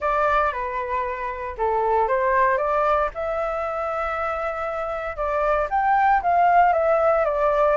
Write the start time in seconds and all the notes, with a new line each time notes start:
0.00 D5
0.52 B4
1.57 A4
2.08 C5
2.57 D5
3.14 E5
5.16 D5
5.70 G5
6.22 F5
6.72 E5
7.24 D5